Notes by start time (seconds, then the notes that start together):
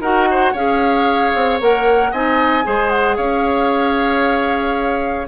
0.00 D#4 F#4 A#4 F#5
0.30 C5
0.52 C#4 G#4 C#5 F5
1.35 C4
1.60 A#3 A#4 F#5
2.12 C4 D#4 D#5 G#5
2.63 G#3 G#4 C5
2.89 F#5
3.16 C#4 C#5 F5